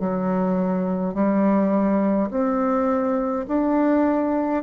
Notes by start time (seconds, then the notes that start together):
0.00 F#3
1.14 G3
2.31 C4
3.48 D4